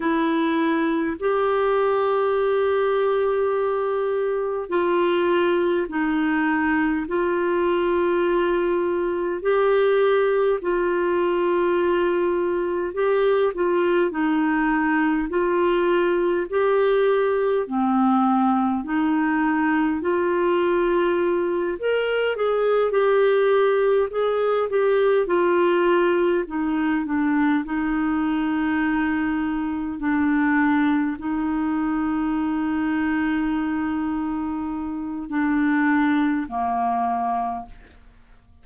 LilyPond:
\new Staff \with { instrumentName = "clarinet" } { \time 4/4 \tempo 4 = 51 e'4 g'2. | f'4 dis'4 f'2 | g'4 f'2 g'8 f'8 | dis'4 f'4 g'4 c'4 |
dis'4 f'4. ais'8 gis'8 g'8~ | g'8 gis'8 g'8 f'4 dis'8 d'8 dis'8~ | dis'4. d'4 dis'4.~ | dis'2 d'4 ais4 | }